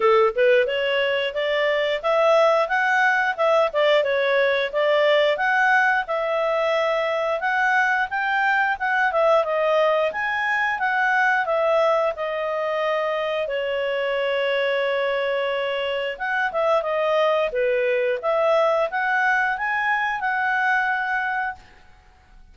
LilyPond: \new Staff \with { instrumentName = "clarinet" } { \time 4/4 \tempo 4 = 89 a'8 b'8 cis''4 d''4 e''4 | fis''4 e''8 d''8 cis''4 d''4 | fis''4 e''2 fis''4 | g''4 fis''8 e''8 dis''4 gis''4 |
fis''4 e''4 dis''2 | cis''1 | fis''8 e''8 dis''4 b'4 e''4 | fis''4 gis''4 fis''2 | }